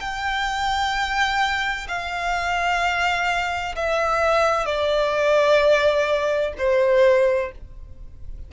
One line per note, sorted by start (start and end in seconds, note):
0.00 1.87 G5
1.88 3.75 F5
3.76 4.65 E5
4.65 6.53 D5
6.58 7.52 C5